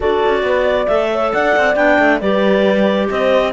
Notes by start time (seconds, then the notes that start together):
0.00 D4 F#4 A4 D5
0.25 C#4
0.42 B3 B4
0.64 D5
0.87 A3 A4 E5
1.11 C#5
1.33 D4 D5 F#5
1.56 C4
1.75 B3 D4 G5
1.99 A3
2.20 G3 G4 B4 D5
3.10 C4 C5 D#5